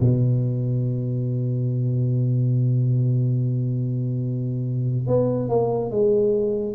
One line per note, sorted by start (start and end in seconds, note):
0.00 5.07 B2
5.07 5.49 B3
5.49 5.90 A#3
5.90 6.75 G#3